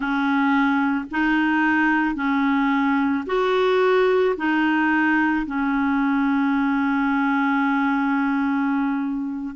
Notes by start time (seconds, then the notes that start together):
0.00 C#4
1.11 D#4
2.15 C#4
3.26 F#4
4.36 D#4
5.46 C#4